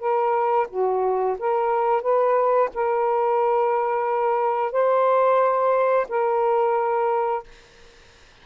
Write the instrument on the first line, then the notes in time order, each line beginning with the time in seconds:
saxophone
0.00 A#4
0.70 F#4
1.39 A#4
2.02 B4
2.75 A#4
4.72 C5
6.09 A#4